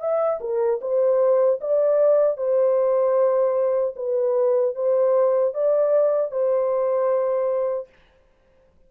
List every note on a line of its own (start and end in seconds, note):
0.00 0.39 E5
0.41 0.80 A#4
0.81 1.60 C5
1.61 2.37 D5
2.37 3.95 C5
3.96 4.75 B4
4.75 5.54 C5
5.54 6.31 D5
6.31 7.89 C5